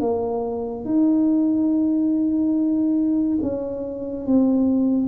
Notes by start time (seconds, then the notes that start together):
0.00 A#3
0.85 D#4
3.42 C#4
4.26 C4